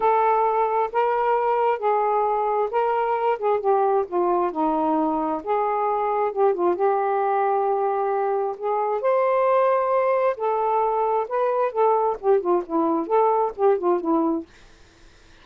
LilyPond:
\new Staff \with { instrumentName = "saxophone" } { \time 4/4 \tempo 4 = 133 a'2 ais'2 | gis'2 ais'4. gis'8 | g'4 f'4 dis'2 | gis'2 g'8 f'8 g'4~ |
g'2. gis'4 | c''2. a'4~ | a'4 b'4 a'4 g'8 f'8 | e'4 a'4 g'8 f'8 e'4 | }